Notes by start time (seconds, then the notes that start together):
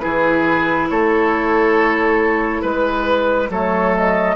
0.00 E3 E4 G#4 B4
0.90 A3 A4 C#5
2.62 G#3 B4
3.50 F#3 A3 A4 C#5
3.97 D#5